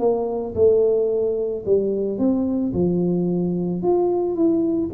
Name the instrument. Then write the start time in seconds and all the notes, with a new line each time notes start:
tuba
0.00 A#3
0.56 A3
1.66 G3
2.19 C4
2.74 F3
3.83 F4
4.36 E4